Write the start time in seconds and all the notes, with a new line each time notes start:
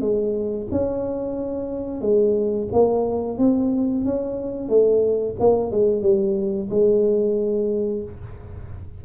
0.00 G#3
0.71 C#4
2.01 G#3
2.72 A#3
3.38 C4
4.04 C#4
4.68 A3
5.39 A#3
5.71 G#3
6.02 G3
6.69 G#3